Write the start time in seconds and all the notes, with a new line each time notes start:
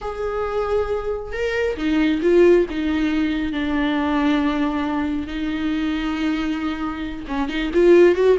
0.01 G#4
1.32 A#4
1.76 D#4
2.22 F4
2.70 D#4
3.52 D4
5.27 D#4
7.27 C#4
7.48 D#4
7.73 F4
8.15 F#4